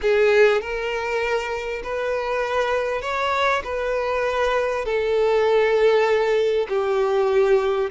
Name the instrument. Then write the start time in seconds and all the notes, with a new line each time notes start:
violin
0.01 G#4
0.61 A#4
1.83 B4
3.01 C#5
3.64 B4
4.85 A4
6.69 G4